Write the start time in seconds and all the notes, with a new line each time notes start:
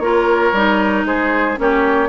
0.00 A#3 F4 A#4 C#5
0.53 G3 D#4
1.05 G#3 G#4 C5
1.57 A#3 C#4 G4 C#5